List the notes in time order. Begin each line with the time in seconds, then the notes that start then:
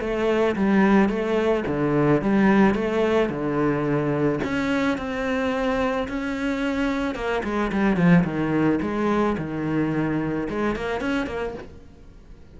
0.00 A3
0.56 G3
1.09 A3
1.66 D3
2.21 G3
2.74 A3
3.29 D3
4.43 C#4
4.97 C4
6.08 C#4
7.15 A#3
7.43 G#3
7.72 G3
7.96 F3
8.24 D#3
8.81 G#3
9.38 D#3
10.49 G#3
10.75 A#3
11.00 C#4
11.26 A#3